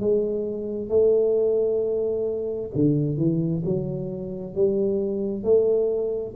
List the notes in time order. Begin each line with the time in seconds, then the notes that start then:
0.00 G#3
0.89 A3
2.75 D3
3.17 E3
3.66 F#3
4.55 G3
5.44 A3